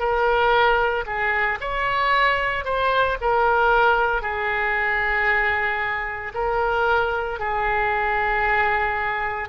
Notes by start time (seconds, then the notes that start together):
0.00 A#4
1.07 G#4
1.61 C#5
2.65 C5
3.21 A#4
4.22 G#4
6.34 A#4
7.40 G#4